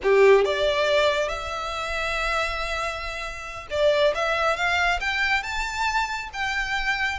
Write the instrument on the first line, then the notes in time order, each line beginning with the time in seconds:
violin
0.03 G4
0.44 D5
1.28 E5
3.70 D5
4.14 E5
4.56 F5
5.00 G5
5.42 A5
6.33 G5